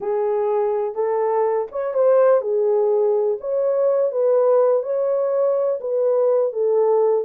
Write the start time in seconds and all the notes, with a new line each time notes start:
0.00 G#4
0.95 A4
1.71 C#5
1.94 C5
2.41 G#4
3.40 C#5
4.11 B4
4.82 C#5
5.80 B4
6.53 A4